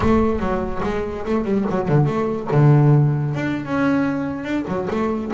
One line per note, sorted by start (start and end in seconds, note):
0.00 0.39 A3
0.39 0.81 F#3
0.83 1.25 G#3
1.25 1.44 A3
1.44 1.65 G3
1.70 1.88 F#3
1.88 2.06 D3
2.06 2.47 A3
2.51 3.34 D3
3.34 3.65 D4
3.65 4.44 C#4
4.44 4.65 D4
4.67 4.88 F#3
4.90 5.31 A3